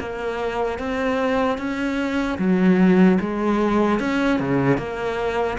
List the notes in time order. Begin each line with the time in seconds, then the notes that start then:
0.00 A#3
0.79 C4
1.58 C#4
2.39 F#3
3.20 G#3
4.00 C#4
4.40 C#3
4.78 A#3